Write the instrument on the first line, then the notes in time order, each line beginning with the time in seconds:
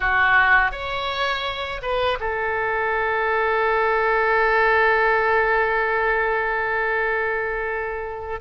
oboe
0.00 F#4
0.71 C#5
1.81 B4
2.20 A4